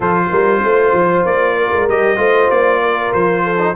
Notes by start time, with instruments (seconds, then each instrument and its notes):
0.00 tuba F3, trombone F4, horn A4, trumpet C5
0.31 tuba G3, horn A#4
0.63 tuba A3, horn C5
0.93 tuba F3
1.25 tuba A#3, trumpet D5
1.56 horn A#4
1.72 tuba G#3
1.88 tuba G3, trombone G4, trumpet D#5
2.16 tuba A3, trombone F4, horn C5
2.50 tuba A#3, trumpet D5
2.82 horn A#4
3.13 tuba F3, trumpet C5
3.43 horn A4
3.58 trombone D#4